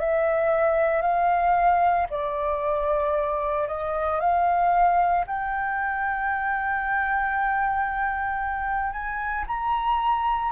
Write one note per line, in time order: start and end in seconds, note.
0.00 1.02 E5
1.02 2.07 F5
2.10 3.68 D5
3.68 4.21 D#5
4.21 5.26 F5
5.27 8.92 G5
8.92 9.45 G#5
9.47 10.52 A#5